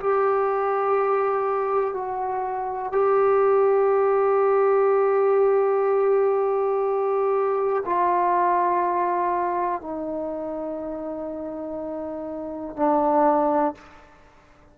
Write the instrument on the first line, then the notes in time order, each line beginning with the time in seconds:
trombone
0.00 G4
1.94 F#4
2.92 G4
7.86 F4
9.82 D#4
12.77 D4